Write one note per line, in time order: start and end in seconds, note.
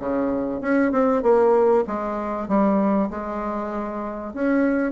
0.00 0.61 C#3
0.61 0.92 C#4
0.92 1.23 C4
1.23 1.85 A#3
1.87 2.49 G#3
2.49 3.10 G3
3.10 4.34 G#3
4.34 4.93 C#4